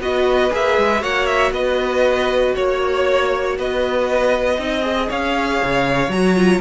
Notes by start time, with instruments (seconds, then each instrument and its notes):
0.00 cello B3, viola F#4, violin B4 D#5
0.51 cello A#3, viola G#4, violin E5
0.78 cello G#3
1.00 cello A#3, viola F#4, violin C#5 F#5
1.26 violin E5
1.51 cello B3, violin B4 D#5
2.56 cello A#3, violin C#5
3.58 cello B3, violin B4 D#5
4.58 cello C4, viola D#4, violin D#5
4.82 viola G#4
5.09 cello C#4, violin C#5 F5
5.64 cello C#3
6.08 cello F#3, viola F#4, violin A#5
6.36 viola F4